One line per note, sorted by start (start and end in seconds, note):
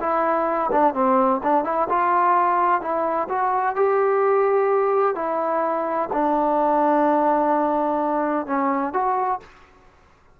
0.00 0.70 E4
0.71 0.94 D4
0.94 1.41 C4
1.43 1.64 D4
1.64 1.88 E4
1.89 2.81 F4
2.81 3.28 E4
3.29 3.75 F#4
3.75 5.15 G4
5.15 6.09 E4
6.13 8.47 D4
8.47 8.93 C#4
8.93 9.40 F#4